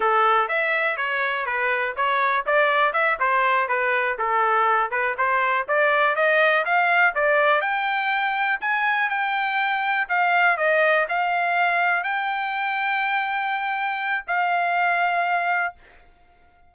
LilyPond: \new Staff \with { instrumentName = "trumpet" } { \time 4/4 \tempo 4 = 122 a'4 e''4 cis''4 b'4 | cis''4 d''4 e''8 c''4 b'8~ | b'8 a'4. b'8 c''4 d''8~ | d''8 dis''4 f''4 d''4 g''8~ |
g''4. gis''4 g''4.~ | g''8 f''4 dis''4 f''4.~ | f''8 g''2.~ g''8~ | g''4 f''2. | }